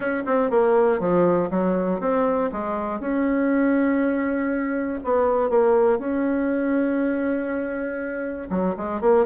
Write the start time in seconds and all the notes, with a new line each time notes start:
0.00 C#4
0.25 C4
0.50 A#3
0.99 F3
1.50 F#3
2.00 C4
2.51 G#3
3.00 C#4
5.03 B3
5.49 A#3
5.98 C#4
8.50 F#3
8.76 G#3
9.00 A#3